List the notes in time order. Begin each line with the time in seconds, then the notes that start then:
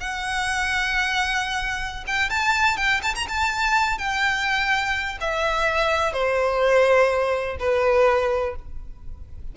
0.00 F#5
2.07 G5
2.30 A5
2.77 G5
3.02 A5
3.15 A#5
3.28 A5
3.98 G5
5.20 E5
6.12 C5
7.59 B4